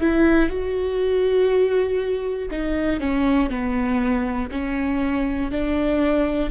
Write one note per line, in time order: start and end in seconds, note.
0.00 0.49 E4
0.49 2.49 F#4
2.50 3.00 D#4
3.00 3.49 C#4
3.49 4.49 B3
4.51 5.51 C#4
5.51 6.50 D4